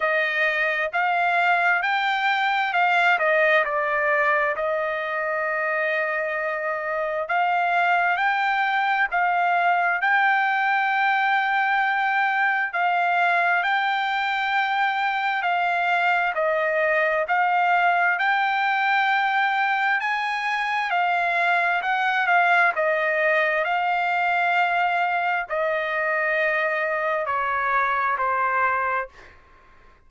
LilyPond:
\new Staff \with { instrumentName = "trumpet" } { \time 4/4 \tempo 4 = 66 dis''4 f''4 g''4 f''8 dis''8 | d''4 dis''2. | f''4 g''4 f''4 g''4~ | g''2 f''4 g''4~ |
g''4 f''4 dis''4 f''4 | g''2 gis''4 f''4 | fis''8 f''8 dis''4 f''2 | dis''2 cis''4 c''4 | }